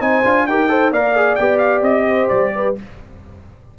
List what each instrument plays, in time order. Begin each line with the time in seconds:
0.00 tuba C4, trombone D#4, horn C5, trumpet G#5
0.24 tuba D4, trombone F4
0.46 tuba D#4, trombone G4, horn A#4, trumpet G5
0.68 trombone A4, horn C5
0.91 tuba A#3, trombone A#4, horn D5, trumpet F5
1.16 trombone G#4
1.35 tuba B3, trombone G4, trumpet G5
1.58 trumpet F5
1.81 tuba C4, trumpet D#5
2.07 horn C5
2.29 tuba G3, trumpet D5
2.55 horn B4